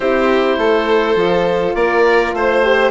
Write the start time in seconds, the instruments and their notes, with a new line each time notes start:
0.00 bassoon C4, horn E4, violin G4, oboe C5
0.57 bassoon A3, violin A4
1.15 bassoon F3, horn F4
1.74 bassoon A#3, violin A#4, oboe D5
2.33 bassoon A3, violin C5, oboe C5
2.62 horn G4